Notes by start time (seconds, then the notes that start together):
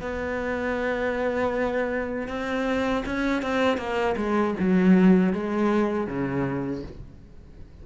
0.00 B3
2.28 C4
3.06 C#4
3.42 C4
3.77 A#3
4.16 G#3
4.59 F#3
5.33 G#3
6.07 C#3